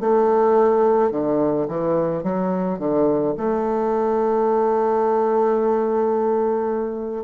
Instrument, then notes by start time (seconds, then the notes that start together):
bassoon
0.00 A3
1.12 D3
1.68 E3
2.24 F#3
2.79 D3
3.37 A3